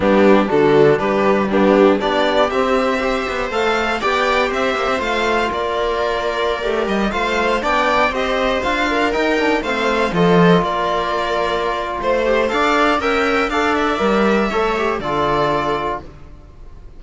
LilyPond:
<<
  \new Staff \with { instrumentName = "violin" } { \time 4/4 \tempo 4 = 120 g'4 a'4 b'4 g'4 | d''4 e''2 f''4 | g''4 e''4 f''4 d''4~ | d''4.~ d''16 dis''8 f''4 g''8.~ |
g''16 dis''4 f''4 g''4 f''8.~ | f''16 dis''4 d''2~ d''8. | c''4 f''4 g''4 f''8 e''8~ | e''2 d''2 | }
  \new Staff \with { instrumentName = "viola" } { \time 4/4 d'4 fis'4 g'4 d'4 | g'2 c''2 | d''4 c''2 ais'4~ | ais'2~ ais'16 c''4 d''8.~ |
d''16 c''4. ais'4. c''8.~ | c''16 a'4 ais'2~ ais'8. | c''4 d''4 e''4 d''4~ | d''4 cis''4 a'2 | }
  \new Staff \with { instrumentName = "trombone" } { \time 4/4 b4 d'2 b4 | d'4 c'4 g'4 a'4 | g'2 f'2~ | f'4~ f'16 g'4 f'4 d'8.~ |
d'16 g'4 f'4 dis'8 d'8 c'8.~ | c'16 f'2.~ f'8.~ | f'8 g'8 a'4 ais'4 a'4 | ais'4 a'8 g'8 f'2 | }
  \new Staff \with { instrumentName = "cello" } { \time 4/4 g4 d4 g2 | b4 c'4. b8 a4 | b4 c'8 ais16 c'16 a4 ais4~ | ais4~ ais16 a8 g8 a4 b8.~ |
b16 c'4 d'4 dis'4 a8.~ | a16 f4 ais2~ ais8. | a4 d'4 cis'4 d'4 | g4 a4 d2 | }
>>